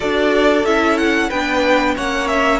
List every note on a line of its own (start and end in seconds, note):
0.00 0.64 D4
0.00 0.65 F#4
0.00 1.29 A4
0.00 0.65 D5
0.64 1.29 C#4
0.64 1.31 E4
0.64 0.97 E5
0.97 1.30 F#5
1.29 1.96 B3
1.29 1.97 D4
1.29 1.94 B4
1.29 1.95 G5
1.95 2.59 A#3
1.95 2.59 C#4
1.95 2.59 C#5
1.95 2.27 F#5
2.27 2.59 E5